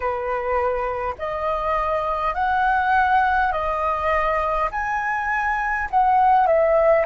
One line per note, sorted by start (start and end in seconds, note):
0.00 1.14 B4
1.18 2.34 D#5
2.34 3.51 F#5
3.52 4.70 D#5
4.71 5.88 G#5
5.90 6.47 F#5
6.47 7.05 E5